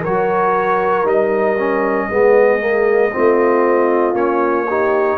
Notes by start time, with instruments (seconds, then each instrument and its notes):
0.00 tuba F#3, trombone F#4, horn A#4, trumpet C#5
1.04 tuba G3, trombone D#4, trumpet D#5
1.59 trombone C#4
2.10 tuba G#3, trombone B3, horn G#4
2.59 trombone A#3
3.12 tuba A3, trombone C4, horn F4
4.14 tuba A#3, trombone C#4, trumpet C#5
4.68 trombone D#4, horn G4